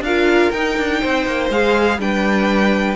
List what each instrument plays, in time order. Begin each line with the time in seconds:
0.00 cello D4, viola F4, violin A#4 F5
0.51 cello D#4, viola D#4, violin G5
0.78 cello D4
1.00 cello C4, violin C5
1.26 cello A#3
1.49 cello G#3, viola G#4, violin F5
1.98 cello G3, viola D4, violin B4 G5